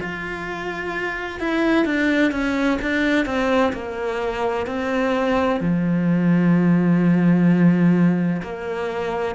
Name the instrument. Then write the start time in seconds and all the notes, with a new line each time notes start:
cello
0.00 F4
1.39 E4
1.85 D4
2.31 C#4
2.82 D4
3.26 C4
3.73 A#3
4.66 C4
5.60 F3
8.42 A#3